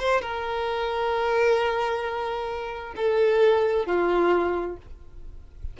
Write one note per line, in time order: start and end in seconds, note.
0.00 0.22 C5
0.22 2.95 A#4
2.97 3.87 A4
3.87 4.78 F4